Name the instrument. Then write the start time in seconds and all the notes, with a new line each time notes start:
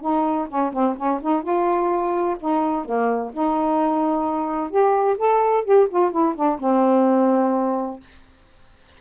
saxophone
0.00 D#4
0.48 C#4
0.72 C4
0.96 C#4
1.21 D#4
1.42 F4
2.39 D#4
2.85 A#3
3.33 D#4
4.70 G4
5.18 A4
5.64 G4
5.89 F4
6.11 E4
6.35 D4
6.59 C4